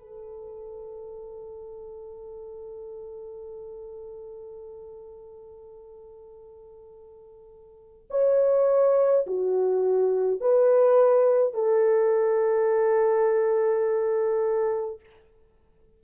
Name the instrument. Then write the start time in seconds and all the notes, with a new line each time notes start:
horn
0.00 A4
8.10 C#5
9.27 F#4
10.40 B4
11.54 A4